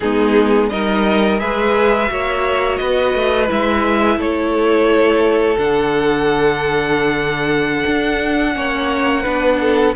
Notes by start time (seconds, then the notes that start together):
0.00 G#3 B3 D#4 G#4
0.69 G3 D#4 A#4 D#5
1.39 G#3 G#4 B4 E5
2.07 A#3 F#4 C#5
2.77 B3 B4 D#5
3.14 A3
3.47 G#3 E4 E5
4.17 A3 A4 C#5
5.57 D3 D4 F#5
7.86 D4
8.53 A#3 C#4 C#5
9.22 B3 D4 B4
9.60 A4